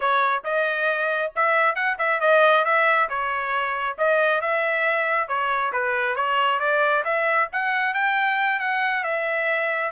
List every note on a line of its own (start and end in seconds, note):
0.00 0.43 C#5
0.44 1.32 D#5
1.35 1.75 E5
1.75 1.97 F#5
1.98 2.20 E5
2.20 2.64 D#5
2.64 3.08 E5
3.09 3.97 C#5
3.97 4.41 D#5
4.41 5.27 E5
5.27 5.72 C#5
5.72 6.15 B4
6.15 6.59 C#5
6.59 7.03 D5
7.04 7.48 E5
7.52 7.94 F#5
7.94 8.59 G5
8.59 9.03 F#5
9.03 9.91 E5